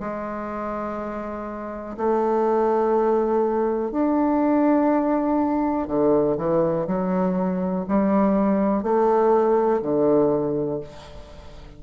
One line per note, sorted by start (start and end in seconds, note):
0.00 1.97 G#3
1.97 3.92 A3
3.92 5.87 D4
5.87 6.37 D3
6.38 6.87 E3
6.87 7.86 F#3
7.89 8.83 G3
8.83 9.81 A3
9.82 10.81 D3